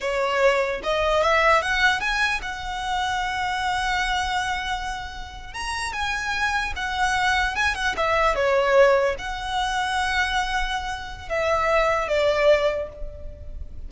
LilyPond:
\new Staff \with { instrumentName = "violin" } { \time 4/4 \tempo 4 = 149 cis''2 dis''4 e''4 | fis''4 gis''4 fis''2~ | fis''1~ | fis''4.~ fis''16 ais''4 gis''4~ gis''16~ |
gis''8. fis''2 gis''8 fis''8 e''16~ | e''8. cis''2 fis''4~ fis''16~ | fis''1 | e''2 d''2 | }